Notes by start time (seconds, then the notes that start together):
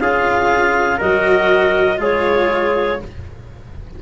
0.00 C#4 F4 G#4 F5
0.98 F#3 F#4 A#4 D#5
1.97 G#3 F4 G#4 C#5